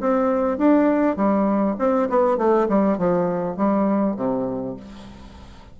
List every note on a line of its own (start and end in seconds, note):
0.00 0.58 C4
0.58 1.16 D4
1.16 1.76 G3
1.78 2.08 C4
2.09 2.38 B3
2.38 2.68 A3
2.68 2.98 G3
2.98 3.56 F3
3.56 4.16 G3
4.16 4.76 C3